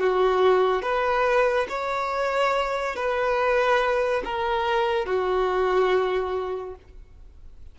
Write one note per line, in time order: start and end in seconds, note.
0.00 0.82 F#4
0.82 1.67 B4
1.69 2.96 C#5
2.96 4.23 B4
4.24 5.06 A#4
5.06 6.75 F#4